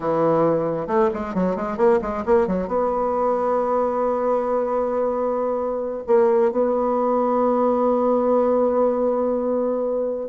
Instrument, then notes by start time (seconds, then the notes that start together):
bassoon
0.00 E3
0.87 A3
1.13 G#3
1.34 F#3
1.56 G#3
1.77 A#3
2.01 G#3
2.25 A#3
2.47 F#3
2.67 B3
6.07 A#3
6.51 B3